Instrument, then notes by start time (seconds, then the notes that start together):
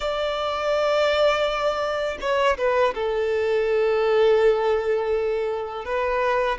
violin
0.00 D5
2.20 C#5
2.57 B4
2.94 A4
5.85 B4